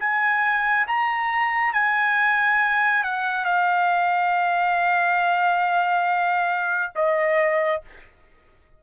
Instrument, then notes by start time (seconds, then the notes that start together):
trumpet
0.00 G#5
0.88 A#5
1.74 G#5
3.04 F#5
3.45 F5
6.96 D#5